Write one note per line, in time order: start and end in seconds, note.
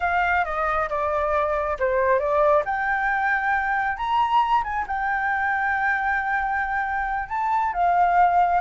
0.00 0.44 F5
0.44 0.88 D#5
0.89 1.77 D5
1.79 2.19 C5
2.19 2.63 D5
2.65 3.97 G5
3.97 4.63 A#5
4.63 4.85 G#5
4.87 7.29 G5
7.29 7.73 A5
7.73 8.61 F5